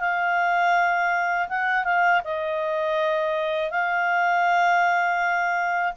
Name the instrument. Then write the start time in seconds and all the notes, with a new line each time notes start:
clarinet
0.00 F5
1.48 F#5
1.84 F5
2.24 D#5
3.71 F5